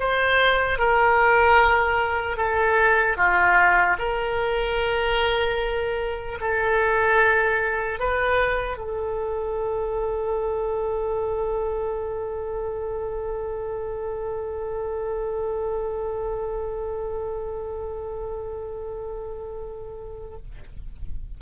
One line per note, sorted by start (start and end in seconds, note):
0.00 0.79 C5
0.79 2.37 A#4
2.37 3.17 A4
3.17 3.97 F4
3.99 6.39 A#4
6.41 8.00 A4
8.00 8.77 B4
8.77 20.38 A4